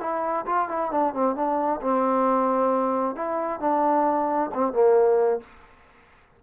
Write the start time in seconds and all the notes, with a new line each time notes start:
0.00 E4
0.46 F4
0.69 E4
0.91 D4
1.14 C4
1.36 D4
1.81 C4
3.16 E4
3.60 D4
4.54 C4
4.73 A#3